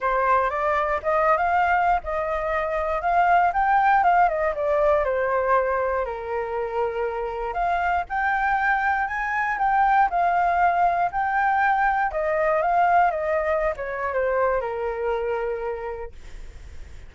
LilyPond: \new Staff \with { instrumentName = "flute" } { \time 4/4 \tempo 4 = 119 c''4 d''4 dis''8. f''4~ f''16 | dis''2 f''4 g''4 | f''8 dis''8 d''4 c''2 | ais'2. f''4 |
g''2 gis''4 g''4 | f''2 g''2 | dis''4 f''4 dis''4~ dis''16 cis''8. | c''4 ais'2. | }